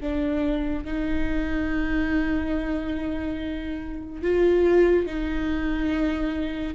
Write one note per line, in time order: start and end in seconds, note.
0.00 0.85 D4
0.85 4.22 D#4
4.22 5.06 F4
5.06 6.75 D#4